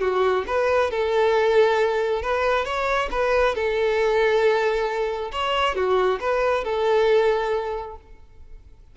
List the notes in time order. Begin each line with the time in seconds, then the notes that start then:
0.00 F#4
0.47 B4
0.90 A4
2.22 B4
2.64 C#5
3.11 B4
3.54 A4
5.31 C#5
5.75 F#4
6.20 B4
6.64 A4